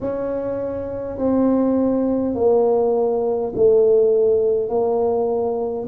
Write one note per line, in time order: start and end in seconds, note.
0.00 1.18 C#4
1.18 2.35 C4
2.35 3.52 A#3
3.55 4.69 A3
4.69 5.87 A#3